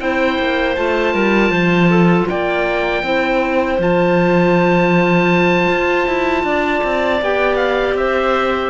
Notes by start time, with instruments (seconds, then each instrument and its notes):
0.00 cello C4, clarinet E4 C5, oboe G5
0.39 cello A#3
0.76 cello A3, clarinet F4, oboe A5
1.14 cello G3, clarinet A#4
1.51 cello F3, clarinet C5
1.90 clarinet A4
2.29 cello A#3, clarinet D5, oboe G5
3.03 cello C4, clarinet E4 C5
3.79 cello F3, clarinet F4, oboe A5
5.70 cello F4
6.08 cello E4
6.44 cello D4, clarinet D5
6.84 cello C4
7.22 cello B3, clarinet G4, oboe G5
7.57 oboe F5
7.94 cello C4, clarinet C5, oboe E5